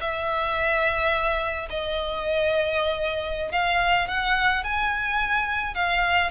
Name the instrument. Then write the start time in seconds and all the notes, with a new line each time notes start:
violin
0.00 E5
1.69 D#5
3.52 F5
4.07 F#5
4.63 G#5
5.74 F5